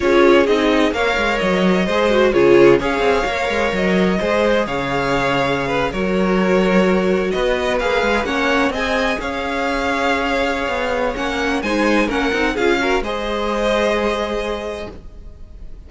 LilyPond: <<
  \new Staff \with { instrumentName = "violin" } { \time 4/4 \tempo 4 = 129 cis''4 dis''4 f''4 dis''4~ | dis''4 cis''4 f''2 | dis''2 f''2~ | f''8. cis''2. dis''16~ |
dis''8. f''4 fis''4 gis''4 f''16~ | f''1 | fis''4 gis''4 fis''4 f''4 | dis''1 | }
  \new Staff \with { instrumentName = "violin" } { \time 4/4 gis'2 cis''2 | c''4 gis'4 cis''2~ | cis''4 c''4 cis''2~ | cis''16 b'8 ais'2. b'16~ |
b'4.~ b'16 cis''4 dis''4 cis''16~ | cis''1~ | cis''4 c''4 ais'4 gis'8 ais'8 | c''1 | }
  \new Staff \with { instrumentName = "viola" } { \time 4/4 f'4 dis'4 ais'2 | gis'8 fis'8 f'4 gis'4 ais'4~ | ais'4 gis'2.~ | gis'8. fis'2.~ fis'16~ |
fis'8. gis'4 cis'4 gis'4~ gis'16~ | gis'1 | cis'4 dis'4 cis'8 dis'8 f'8 fis'8 | gis'1 | }
  \new Staff \with { instrumentName = "cello" } { \time 4/4 cis'4 c'4 ais8 gis8 fis4 | gis4 cis4 cis'8 c'8 ais8 gis8 | fis4 gis4 cis2~ | cis8. fis2. b16~ |
b8. ais8 gis8 ais4 c'4 cis'16~ | cis'2. b4 | ais4 gis4 ais8 c'8 cis'4 | gis1 | }
>>